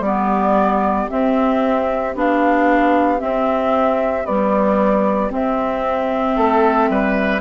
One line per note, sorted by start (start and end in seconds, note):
0.00 1.05 G3
0.00 1.09 B3
0.00 6.34 G4
0.00 1.09 D5
1.09 2.14 C4
1.09 2.15 C4
1.09 2.15 E5
2.15 3.20 B3
2.15 3.18 D4
2.15 3.20 F5
3.18 4.23 C4
3.18 4.25 C4
3.18 4.25 E5
4.25 5.30 G3
4.25 5.30 B3
4.25 5.31 D5
5.30 7.41 C4
5.30 6.37 C4
5.30 7.41 E5
6.36 6.89 A3
6.36 6.89 A4
6.89 7.41 G3
6.89 7.41 B4